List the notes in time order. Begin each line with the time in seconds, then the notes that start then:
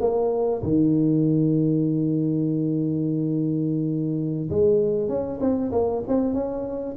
0.00 A#3
0.63 D#3
4.50 G#3
5.09 C#4
5.40 C4
5.72 A#3
6.08 C4
6.34 C#4